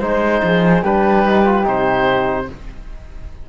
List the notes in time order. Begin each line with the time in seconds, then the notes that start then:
0.00 G#3 D#4 C5
0.43 F3 G#4
0.82 G3 D4 G4 B4
1.25 D#4
1.45 F4
1.63 C3 D#4 C5